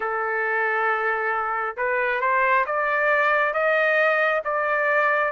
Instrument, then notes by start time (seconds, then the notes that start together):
trumpet
0.00 A4
1.76 B4
2.21 C5
2.66 D5
3.53 D#5
4.44 D5